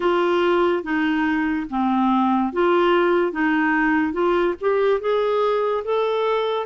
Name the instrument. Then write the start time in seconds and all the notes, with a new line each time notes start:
clarinet
0.00 F4
0.83 D#4
1.69 C4
2.52 F4
3.32 D#4
4.12 F4
4.61 G4
5.00 G#4
5.84 A4